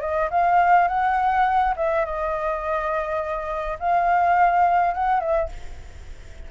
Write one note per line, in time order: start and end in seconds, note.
0.00 0.29 D#5
0.30 0.88 F5
0.88 1.74 F#5
1.76 2.05 E5
2.05 3.78 D#5
3.79 4.94 F5
4.94 5.20 F#5
5.20 5.49 E5